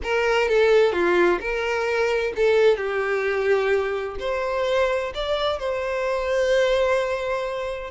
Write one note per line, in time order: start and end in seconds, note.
0.03 0.48 A#4
0.48 0.92 A4
0.92 1.39 F4
1.40 2.33 A#4
2.36 2.77 A4
2.77 4.16 G4
4.19 5.12 C5
5.14 5.59 D5
5.59 7.90 C5